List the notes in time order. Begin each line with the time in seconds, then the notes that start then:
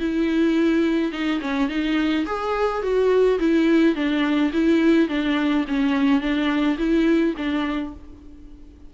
0.00 E4
1.12 D#4
1.41 C#4
1.69 D#4
2.26 G#4
2.83 F#4
3.39 E4
3.95 D4
4.53 E4
5.09 D4
5.68 C#4
6.21 D4
6.78 E4
7.37 D4